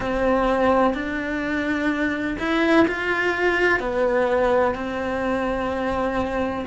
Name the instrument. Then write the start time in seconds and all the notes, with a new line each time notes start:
cello
0.00 C4
0.94 D4
2.38 E4
2.87 F4
3.79 B3
4.74 C4